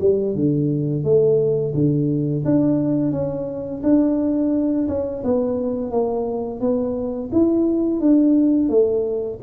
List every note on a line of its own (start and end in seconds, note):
0.00 0.35 G3
0.35 1.04 D3
1.04 1.74 A3
1.74 2.44 D3
2.45 3.12 D4
3.12 3.82 C#4
3.83 4.87 D4
4.88 5.23 C#4
5.24 5.91 B3
5.91 6.60 A#3
6.60 7.30 B3
7.32 8.00 E4
8.00 8.69 D4
8.69 9.39 A3